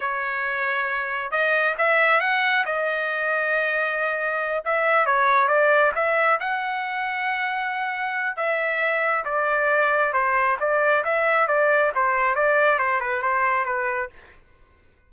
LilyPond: \new Staff \with { instrumentName = "trumpet" } { \time 4/4 \tempo 4 = 136 cis''2. dis''4 | e''4 fis''4 dis''2~ | dis''2~ dis''8 e''4 cis''8~ | cis''8 d''4 e''4 fis''4.~ |
fis''2. e''4~ | e''4 d''2 c''4 | d''4 e''4 d''4 c''4 | d''4 c''8 b'8 c''4 b'4 | }